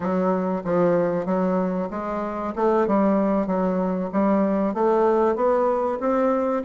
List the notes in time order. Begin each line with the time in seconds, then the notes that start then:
0.00 F#3
0.64 F3
1.25 F#3
1.90 G#3
2.55 A3
2.87 G3
3.47 F#3
4.12 G3
4.74 A3
5.35 B3
6.00 C4